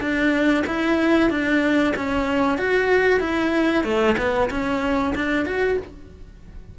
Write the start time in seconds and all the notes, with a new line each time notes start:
0.00 D4
0.66 E4
1.29 D4
1.96 C#4
2.57 F#4
3.20 E4
3.84 A3
4.17 B3
4.50 C#4
5.15 D4
5.45 F#4